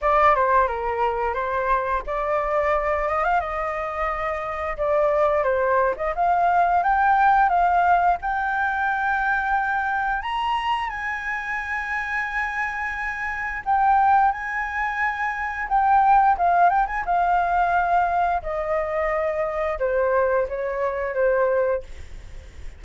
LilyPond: \new Staff \with { instrumentName = "flute" } { \time 4/4 \tempo 4 = 88 d''8 c''8 ais'4 c''4 d''4~ | d''8 dis''16 f''16 dis''2 d''4 | c''8. dis''16 f''4 g''4 f''4 | g''2. ais''4 |
gis''1 | g''4 gis''2 g''4 | f''8 g''16 gis''16 f''2 dis''4~ | dis''4 c''4 cis''4 c''4 | }